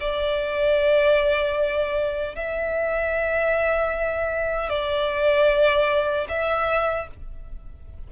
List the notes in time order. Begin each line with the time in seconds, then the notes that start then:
0.00 D5
2.35 E5
4.69 D5
6.28 E5